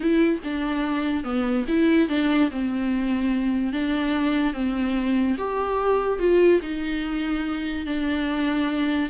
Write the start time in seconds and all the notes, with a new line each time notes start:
0.00 E4
0.44 D4
1.23 B3
1.68 E4
2.09 D4
2.50 C4
3.72 D4
4.53 C4
5.38 G4
6.19 F4
6.62 D#4
7.86 D4